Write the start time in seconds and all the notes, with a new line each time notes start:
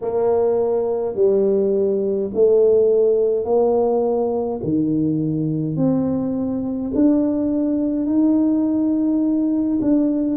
0.01 A#3
1.15 G3
2.33 A3
3.44 A#3
4.63 D#3
5.76 C4
6.94 D4
8.06 D#4
9.81 D4